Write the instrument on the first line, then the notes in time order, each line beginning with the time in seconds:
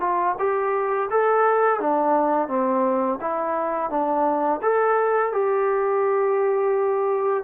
trombone
0.00 F4
0.39 G4
1.10 A4
1.80 D4
2.48 C4
3.21 E4
3.90 D4
4.62 A4
5.33 G4